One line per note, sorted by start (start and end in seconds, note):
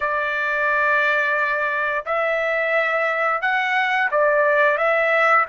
0.00 2.05 D5
2.05 3.41 E5
3.41 4.09 F#5
4.11 4.77 D5
4.77 5.45 E5